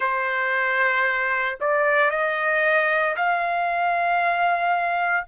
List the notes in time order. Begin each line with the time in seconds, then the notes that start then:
0.00 C5
1.60 D5
2.10 D#5
3.16 F5